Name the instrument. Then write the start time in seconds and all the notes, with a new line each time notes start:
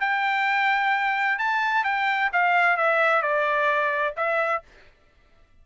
trumpet
0.00 G5
1.38 A5
1.84 G5
2.32 F5
2.77 E5
3.22 D5
4.16 E5